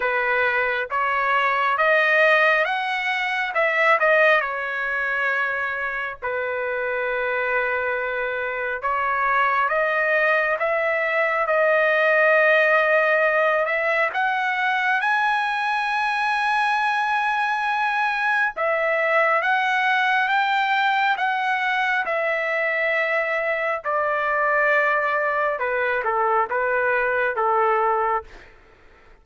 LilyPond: \new Staff \with { instrumentName = "trumpet" } { \time 4/4 \tempo 4 = 68 b'4 cis''4 dis''4 fis''4 | e''8 dis''8 cis''2 b'4~ | b'2 cis''4 dis''4 | e''4 dis''2~ dis''8 e''8 |
fis''4 gis''2.~ | gis''4 e''4 fis''4 g''4 | fis''4 e''2 d''4~ | d''4 b'8 a'8 b'4 a'4 | }